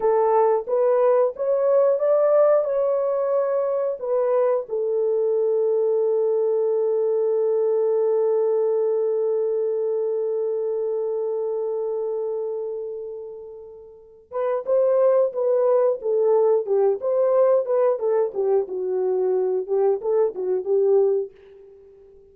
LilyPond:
\new Staff \with { instrumentName = "horn" } { \time 4/4 \tempo 4 = 90 a'4 b'4 cis''4 d''4 | cis''2 b'4 a'4~ | a'1~ | a'1~ |
a'1~ | a'4. b'8 c''4 b'4 | a'4 g'8 c''4 b'8 a'8 g'8 | fis'4. g'8 a'8 fis'8 g'4 | }